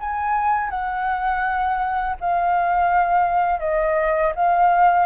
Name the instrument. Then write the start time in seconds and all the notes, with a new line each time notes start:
flute
0.00 G#5
0.70 F#5
2.20 F5
3.60 D#5
4.35 F5